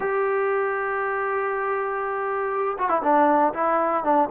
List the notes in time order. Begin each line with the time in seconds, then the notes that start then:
0.00 G4
2.78 F#4
2.89 E4
3.02 D4
3.53 E4
4.04 D4